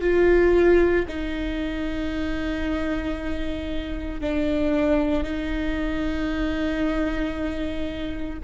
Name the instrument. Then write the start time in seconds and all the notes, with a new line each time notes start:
viola
0.00 F4
1.08 D#4
4.20 D4
5.23 D#4